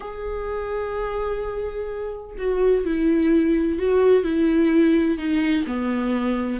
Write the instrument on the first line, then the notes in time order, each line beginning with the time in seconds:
viola
0.00 G#4
2.38 F#4
2.85 E4
3.79 F#4
4.23 E4
5.18 D#4
5.66 B3